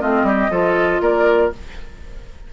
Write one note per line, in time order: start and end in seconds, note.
0.00 0.23 A3
0.00 0.51 C4
0.00 0.26 F4
0.00 1.02 D#5
0.23 0.49 G3
0.23 0.51 G4
0.50 1.01 F3
0.50 1.53 F4
0.50 1.02 A4
1.01 1.52 A#3
1.01 1.53 A#4
1.01 1.53 D5